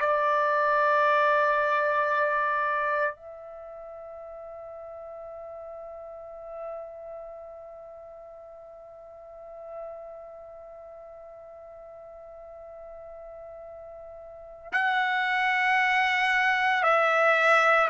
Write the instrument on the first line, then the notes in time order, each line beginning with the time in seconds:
trumpet
0.00 D5
3.16 E5
14.73 F#5
16.83 E5